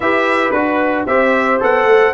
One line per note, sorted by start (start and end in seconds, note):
0.00 0.52 E4
0.00 0.54 G4
0.00 1.07 B4
0.00 0.51 E5
0.51 1.05 D4
0.51 1.07 F#4
0.51 1.04 B4
1.06 1.60 C4
1.06 1.59 G4
1.06 2.14 C5
1.06 1.60 E5
1.59 1.84 B3
1.59 2.13 A4
1.59 2.14 F#5
1.84 2.11 A3